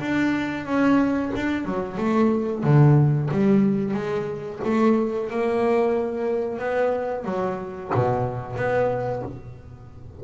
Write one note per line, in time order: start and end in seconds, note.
0.00 0.65 D4
0.65 1.31 C#4
1.35 1.65 D4
1.65 1.97 F#3
1.97 2.63 A3
2.63 3.29 D3
3.31 3.94 G3
3.94 4.59 G#3
4.64 5.30 A3
5.30 6.58 A#3
6.58 7.24 B3
7.24 7.90 F#3
7.94 8.56 B2
8.56 9.22 B3